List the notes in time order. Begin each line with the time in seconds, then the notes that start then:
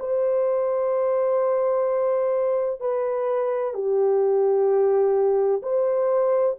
0.00 C5
2.80 B4
3.74 G4
5.62 C5